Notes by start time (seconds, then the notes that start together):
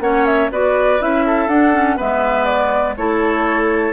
0.00 A#3 C#4 C#5 F#5
0.26 E5
0.51 B3 F#4 B4 D5
1.00 C#4 E4 E5
1.26 A4
1.48 D4 F#5
1.73 C#4
1.97 G#3 B3 B4 E5
2.45 D5
2.97 A3 E4 A4 C#5